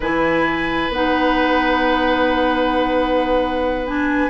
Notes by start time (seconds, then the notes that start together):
0.00 E3 E4 B4 G#5
0.89 B3 D#4 F#5
3.86 D4 G#5